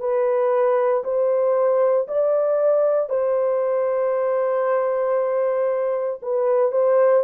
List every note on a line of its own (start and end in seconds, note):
0.00 1.03 B4
1.04 2.07 C5
2.08 3.09 D5
3.09 6.20 C5
6.22 6.72 B4
6.72 7.24 C5